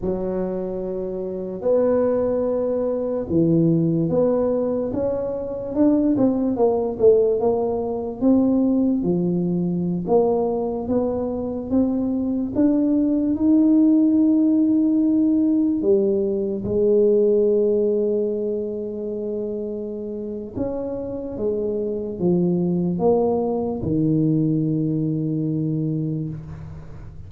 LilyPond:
\new Staff \with { instrumentName = "tuba" } { \time 4/4 \tempo 4 = 73 fis2 b2 | e4 b4 cis'4 d'8 c'8 | ais8 a8 ais4 c'4 f4~ | f16 ais4 b4 c'4 d'8.~ |
d'16 dis'2. g8.~ | g16 gis2.~ gis8.~ | gis4 cis'4 gis4 f4 | ais4 dis2. | }